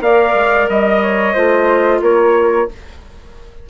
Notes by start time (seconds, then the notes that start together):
0.00 A#3 A#4 D5 F5
0.34 G#3
0.68 G3 D#5
1.02 C#5
1.33 A3 F4 C5
2.01 A#3 A#4 C#5